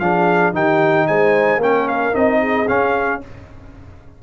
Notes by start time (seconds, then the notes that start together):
0.00 F3 D4 G#4 F5
0.54 D#3 D#4 G4 G5
1.07 G#3 C5 G#5
1.58 A#3 C#4 A#4 G5
1.89 F5
2.13 C4 D#4 D#5
2.41 G#4
2.68 C#4 F5